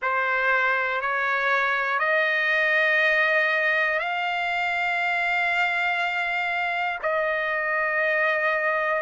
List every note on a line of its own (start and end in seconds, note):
0.01 1.00 C5
1.00 1.99 C#5
1.99 3.99 D#5
3.99 6.99 F5
7.02 9.02 D#5